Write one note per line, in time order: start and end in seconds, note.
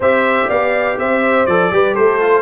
0.00 0.46 C4
0.00 1.47 G4
0.00 0.47 C5
0.00 0.49 E5
0.47 0.98 B3
0.47 0.95 D5
0.47 0.98 F5
0.98 1.46 C4
0.98 1.71 C5
0.98 1.45 E5
1.45 1.71 F3
1.45 1.72 A4
1.45 1.94 D5
1.71 1.95 G3
1.71 2.20 G4
1.71 1.94 B4
1.94 2.41 A3
1.94 2.41 A4
1.94 2.41 C5
2.20 2.41 F4